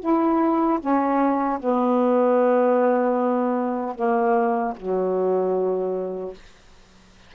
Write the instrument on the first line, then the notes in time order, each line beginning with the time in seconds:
saxophone
0.00 E4
0.80 C#4
1.60 B3
3.95 A#3
4.77 F#3